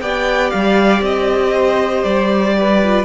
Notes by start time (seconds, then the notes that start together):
0.00 B3 G4 D5 G5
0.50 G3 F5
1.01 C4 D#5
1.54 C5
2.04 G3 D5
2.58 B4
2.82 F4